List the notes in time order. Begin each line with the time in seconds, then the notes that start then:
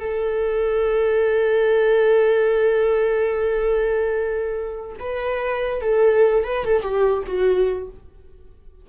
0.00 A4
5.00 B4
5.82 A4
6.44 B4
6.65 A4
6.82 G4
7.27 F#4